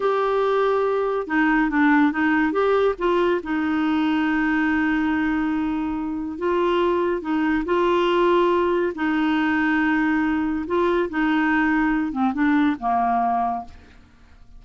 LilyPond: \new Staff \with { instrumentName = "clarinet" } { \time 4/4 \tempo 4 = 141 g'2. dis'4 | d'4 dis'4 g'4 f'4 | dis'1~ | dis'2. f'4~ |
f'4 dis'4 f'2~ | f'4 dis'2.~ | dis'4 f'4 dis'2~ | dis'8 c'8 d'4 ais2 | }